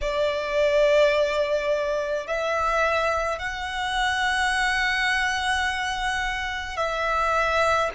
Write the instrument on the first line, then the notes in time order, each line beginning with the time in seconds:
violin
0.01 D5
2.27 E5
3.38 F#5
6.76 E5